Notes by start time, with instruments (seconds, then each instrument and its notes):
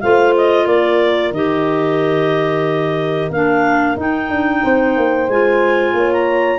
0.00 tuba A3, clarinet F4 F5, horn C5
0.36 clarinet D#5
0.65 tuba A#3, horn A#4, clarinet D5
1.31 tuba D#3, clarinet G4 D#5
3.30 tuba A#3, clarinet D4 F5
3.96 tuba D#4, clarinet D#4 G5
4.30 tuba D4
4.62 tuba C4, horn C5
4.97 tuba A#3
5.28 tuba G#3, clarinet F4 G#5
5.92 tuba A#3, horn C#5
6.12 clarinet A#5